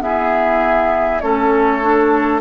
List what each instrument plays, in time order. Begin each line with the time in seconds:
0.00 clarinet B3, bassoon E4, oboe G#4, flute E5
1.20 bassoon A3, clarinet C#4, oboe A4, flute C#5
1.82 clarinet D4